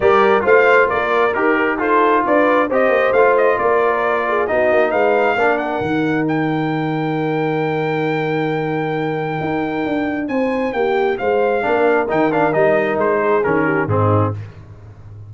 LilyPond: <<
  \new Staff \with { instrumentName = "trumpet" } { \time 4/4 \tempo 4 = 134 d''4 f''4 d''4 ais'4 | c''4 d''4 dis''4 f''8 dis''8 | d''2 dis''4 f''4~ | f''8 fis''4. g''2~ |
g''1~ | g''2. gis''4 | g''4 f''2 g''8 f''8 | dis''4 c''4 ais'4 gis'4 | }
  \new Staff \with { instrumentName = "horn" } { \time 4/4 ais'4 c''4 ais'2 | a'4 b'4 c''2 | ais'4. gis'8 fis'4 b'4 | ais'1~ |
ais'1~ | ais'2. c''4 | g'4 c''4 ais'2~ | ais'4. gis'4 g'8 dis'4 | }
  \new Staff \with { instrumentName = "trombone" } { \time 4/4 g'4 f'2 g'4 | f'2 g'4 f'4~ | f'2 dis'2 | d'4 dis'2.~ |
dis'1~ | dis'1~ | dis'2 d'4 dis'8 d'8 | dis'2 cis'4 c'4 | }
  \new Staff \with { instrumentName = "tuba" } { \time 4/4 g4 a4 ais4 dis'4~ | dis'4 d'4 c'8 ais8 a4 | ais2 b8 ais8 gis4 | ais4 dis2.~ |
dis1~ | dis4 dis'4 d'4 c'4 | ais4 gis4 ais4 dis4 | g4 gis4 dis4 gis,4 | }
>>